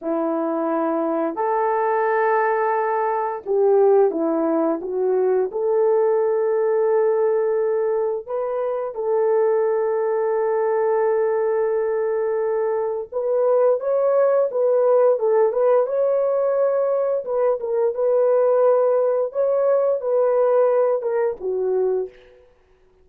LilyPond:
\new Staff \with { instrumentName = "horn" } { \time 4/4 \tempo 4 = 87 e'2 a'2~ | a'4 g'4 e'4 fis'4 | a'1 | b'4 a'2.~ |
a'2. b'4 | cis''4 b'4 a'8 b'8 cis''4~ | cis''4 b'8 ais'8 b'2 | cis''4 b'4. ais'8 fis'4 | }